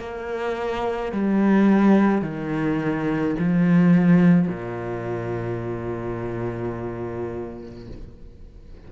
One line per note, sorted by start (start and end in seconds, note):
0.00 1.13 A#3
1.13 2.22 G3
2.22 3.36 D#3
3.39 4.49 F3
4.49 7.88 A#2